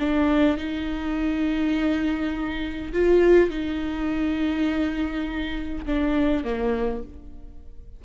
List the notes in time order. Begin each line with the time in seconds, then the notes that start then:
0.00 D4
0.58 D#4
2.93 F4
3.50 D#4
5.86 D4
6.45 A#3